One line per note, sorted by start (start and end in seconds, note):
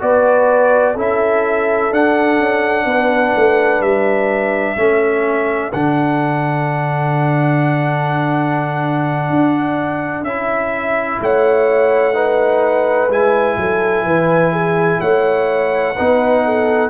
0.00 0.97 B3
0.00 0.95 F#4
0.00 0.95 B4
0.00 0.97 D5
0.95 1.92 C#4
0.95 1.92 E4
0.95 2.85 A4
1.02 1.94 E5
1.92 2.39 D4
1.92 4.78 D4
1.92 3.82 F#5
2.39 2.86 C#4
2.86 3.33 B3
2.86 4.77 B4
3.36 3.81 A3
3.81 4.76 G3
3.81 5.73 E5
4.77 5.72 A3
4.77 5.73 C#4
4.77 11.20 A4
5.73 9.30 D3
5.73 10.27 D4
5.73 10.25 F#5
9.30 10.23 D4
10.23 11.18 C#4
10.23 12.14 E4
10.23 11.20 E5
11.21 13.10 A3
11.21 12.15 C#5
11.21 13.12 F#5
12.14 13.10 D#4
12.14 13.58 B4
13.10 13.57 G#3
13.10 15.96 E4
13.10 15.01 G#5
13.58 14.04 F#3
13.58 14.06 A4
14.04 14.99 E3
14.04 14.53 B4
14.53 15.01 G#4
15.01 15.97 A3
15.01 15.96 C#5
15.01 16.91 F#5
15.96 16.91 B3
15.96 16.91 D#4
15.96 16.44 B4
16.45 16.91 A4